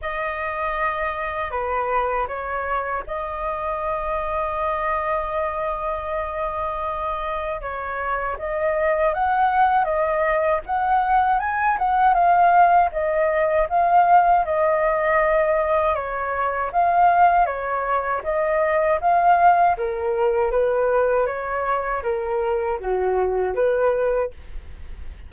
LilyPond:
\new Staff \with { instrumentName = "flute" } { \time 4/4 \tempo 4 = 79 dis''2 b'4 cis''4 | dis''1~ | dis''2 cis''4 dis''4 | fis''4 dis''4 fis''4 gis''8 fis''8 |
f''4 dis''4 f''4 dis''4~ | dis''4 cis''4 f''4 cis''4 | dis''4 f''4 ais'4 b'4 | cis''4 ais'4 fis'4 b'4 | }